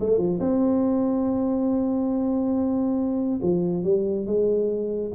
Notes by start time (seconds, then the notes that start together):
0.00 A3
0.18 F3
0.40 C4
3.42 F3
3.84 G3
4.26 G#3